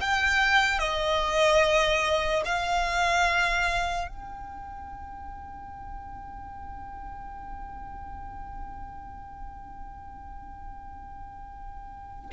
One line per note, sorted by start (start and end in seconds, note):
0.00 0.78 G5
0.78 2.42 D#5
2.45 4.08 F5
4.08 12.30 G5